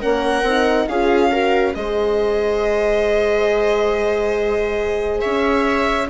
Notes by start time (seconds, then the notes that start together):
0.00 A#3 C#4 A#4 F#5
0.43 C4 D#4
0.88 C#4 F4 G#4 F5
1.31 F#4 A#4
1.75 G#3 G#4 C5 D#5
5.20 C#4 C#5 E5